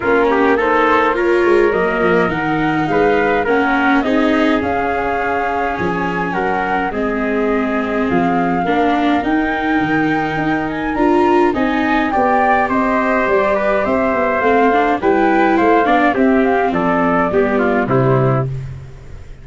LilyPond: <<
  \new Staff \with { instrumentName = "flute" } { \time 4/4 \tempo 4 = 104 ais'4 c''4 cis''4 dis''4 | fis''4 f''4 fis''4 dis''4 | f''2 gis''4 fis''4 | dis''2 f''2 |
g''2~ g''8 gis''8 ais''4 | gis''4 g''4 dis''4 d''4 | e''4 f''4 g''4 f''4 | e''8 f''8 d''2 c''4 | }
  \new Staff \with { instrumentName = "trumpet" } { \time 4/4 f'8 g'8 a'4 ais'2~ | ais'4 b'4 ais'4 gis'4~ | gis'2. ais'4 | gis'2. ais'4~ |
ais'1 | dis''4 d''4 c''4. b'8 | c''2 b'4 c''8 d''8 | g'4 a'4 g'8 f'8 e'4 | }
  \new Staff \with { instrumentName = "viola" } { \time 4/4 cis'4 dis'4 f'4 ais4 | dis'2 cis'4 dis'4 | cis'1 | c'2. d'4 |
dis'2. f'4 | dis'4 g'2.~ | g'4 c'8 d'8 e'4. d'8 | c'2 b4 g4 | }
  \new Staff \with { instrumentName = "tuba" } { \time 4/4 ais2~ ais8 gis8 fis8 f8 | dis4 gis4 ais4 c'4 | cis'2 f4 fis4 | gis2 f4 ais4 |
dis'4 dis4 dis'4 d'4 | c'4 b4 c'4 g4 | c'8 b8 a4 g4 a8 b8 | c'4 f4 g4 c4 | }
>>